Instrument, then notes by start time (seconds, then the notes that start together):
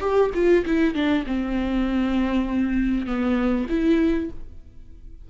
viola
0.00 G4
0.34 F4
0.66 E4
0.94 D4
1.26 C4
3.06 B3
3.69 E4